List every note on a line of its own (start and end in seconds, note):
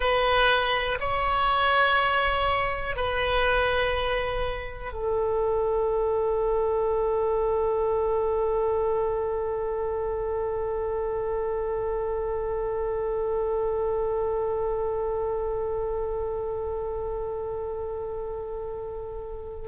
0.00 0.98 B4
1.00 2.96 C#5
2.96 4.92 B4
4.92 19.68 A4